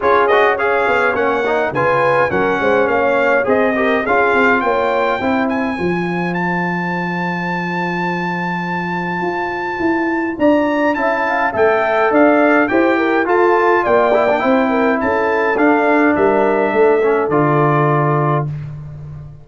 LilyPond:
<<
  \new Staff \with { instrumentName = "trumpet" } { \time 4/4 \tempo 4 = 104 cis''8 dis''8 f''4 fis''4 gis''4 | fis''4 f''4 dis''4 f''4 | g''4. gis''4. a''4~ | a''1~ |
a''2 ais''4 a''4 | g''4 f''4 g''4 a''4 | g''2 a''4 f''4 | e''2 d''2 | }
  \new Staff \with { instrumentName = "horn" } { \time 4/4 gis'4 cis''2 b'4 | ais'8 c''8 cis''4 c''8 ais'8 gis'4 | cis''4 c''2.~ | c''1~ |
c''2 d''4 e''8 f''8 | e''4 d''4 c''8 ais'8 a'4 | d''4 c''8 ais'8 a'2 | ais'4 a'2. | }
  \new Staff \with { instrumentName = "trombone" } { \time 4/4 f'8 fis'8 gis'4 cis'8 dis'8 f'4 | cis'2 gis'8 g'8 f'4~ | f'4 e'4 f'2~ | f'1~ |
f'2. e'4 | a'2 g'4 f'4~ | f'8 e'16 d'16 e'2 d'4~ | d'4. cis'8 f'2 | }
  \new Staff \with { instrumentName = "tuba" } { \time 4/4 cis'4. b8 ais4 cis4 | fis8 gis8 ais4 c'4 cis'8 c'8 | ais4 c'4 f2~ | f1 |
f'4 e'4 d'4 cis'4 | a4 d'4 e'4 f'4 | ais4 c'4 cis'4 d'4 | g4 a4 d2 | }
>>